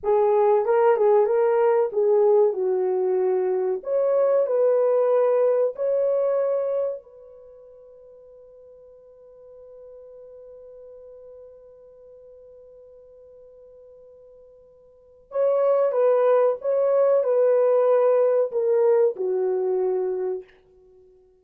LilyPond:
\new Staff \with { instrumentName = "horn" } { \time 4/4 \tempo 4 = 94 gis'4 ais'8 gis'8 ais'4 gis'4 | fis'2 cis''4 b'4~ | b'4 cis''2 b'4~ | b'1~ |
b'1~ | b'1 | cis''4 b'4 cis''4 b'4~ | b'4 ais'4 fis'2 | }